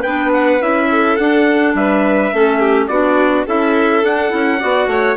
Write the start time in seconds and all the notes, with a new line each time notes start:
0.00 B3 D4 B4 G5
0.33 F#5
0.60 C#4 E4 E5
0.90 A4
1.16 D4 F#5
1.74 G3 B4 E5
2.32 A3 C#4 A4
2.59 G4
2.87 B3 D4 F#4 D5
3.46 C#4 E4 A4 E5
4.02 D4 F#5
4.29 C#4 E4
4.59 B3 F#4 D5
4.86 A3 C#5